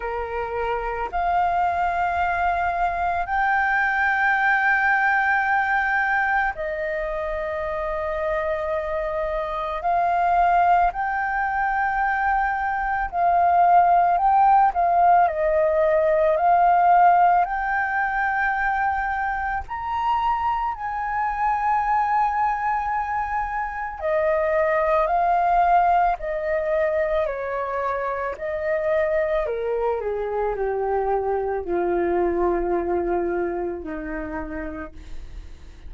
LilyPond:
\new Staff \with { instrumentName = "flute" } { \time 4/4 \tempo 4 = 55 ais'4 f''2 g''4~ | g''2 dis''2~ | dis''4 f''4 g''2 | f''4 g''8 f''8 dis''4 f''4 |
g''2 ais''4 gis''4~ | gis''2 dis''4 f''4 | dis''4 cis''4 dis''4 ais'8 gis'8 | g'4 f'2 dis'4 | }